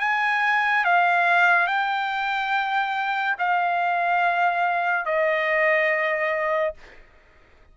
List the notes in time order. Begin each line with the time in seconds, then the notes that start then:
0.00 G#5
0.85 F5
1.67 G5
3.39 F5
5.06 D#5